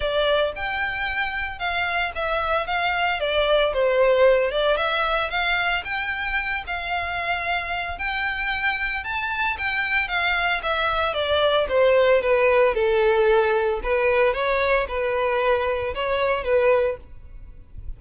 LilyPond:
\new Staff \with { instrumentName = "violin" } { \time 4/4 \tempo 4 = 113 d''4 g''2 f''4 | e''4 f''4 d''4 c''4~ | c''8 d''8 e''4 f''4 g''4~ | g''8 f''2~ f''8 g''4~ |
g''4 a''4 g''4 f''4 | e''4 d''4 c''4 b'4 | a'2 b'4 cis''4 | b'2 cis''4 b'4 | }